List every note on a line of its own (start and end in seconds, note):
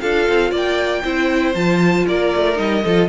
0.00 0.28 D4
0.00 1.03 F4
0.00 0.50 A4
0.00 0.51 F5
0.28 0.51 C4
0.50 1.03 A#3
0.50 1.02 D5
0.50 1.54 G5
1.04 1.54 C4
1.04 1.54 E4
1.04 2.06 C5
1.54 2.05 F3
1.54 2.54 F4
1.54 2.05 A5
2.07 2.33 A#3
2.07 2.84 A#4
2.07 2.58 D5
2.35 2.58 A3
2.54 2.84 G3
2.54 2.80 D#4
2.54 3.08 D#5
2.84 3.08 F3
2.84 3.08 F4
2.84 3.08 A4